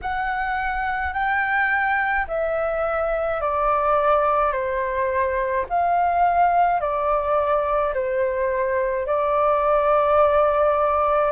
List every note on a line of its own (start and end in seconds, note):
0.01 1.13 F#5
1.13 2.26 G5
2.27 3.40 E5
3.41 4.52 D5
4.52 5.65 C5
5.69 6.80 F5
6.80 7.93 D5
7.93 9.06 C5
9.06 11.31 D5